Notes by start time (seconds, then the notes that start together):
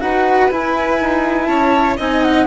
0.00 D#4 F#4 B4 F#5
0.50 E4 G#5
1.00 D#4
1.45 C#4 C#5 A5
1.97 C4 D#4 D#5 G#5
2.22 F#5